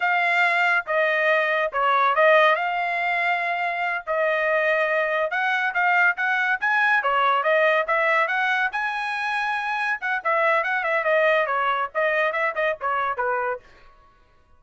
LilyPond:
\new Staff \with { instrumentName = "trumpet" } { \time 4/4 \tempo 4 = 141 f''2 dis''2 | cis''4 dis''4 f''2~ | f''4. dis''2~ dis''8~ | dis''8 fis''4 f''4 fis''4 gis''8~ |
gis''8 cis''4 dis''4 e''4 fis''8~ | fis''8 gis''2. fis''8 | e''4 fis''8 e''8 dis''4 cis''4 | dis''4 e''8 dis''8 cis''4 b'4 | }